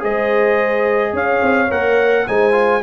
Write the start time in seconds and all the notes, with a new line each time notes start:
0.00 G#3 G#4 C5 D#5
1.13 C#4 C#5 F5
1.42 C4
1.71 A#3 A#4 F#5
2.27 G#3 D#4 C5 G#5
2.52 F4